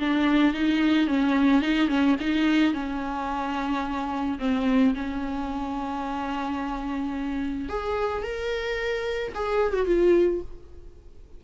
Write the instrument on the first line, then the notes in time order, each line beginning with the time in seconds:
viola
0.00 D4
0.54 D#4
1.08 C#4
1.62 D#4
1.89 C#4
2.20 D#4
2.74 C#4
4.39 C4
4.95 C#4
7.70 G#4
8.23 A#4
9.35 G#4
9.74 F#4
9.87 F4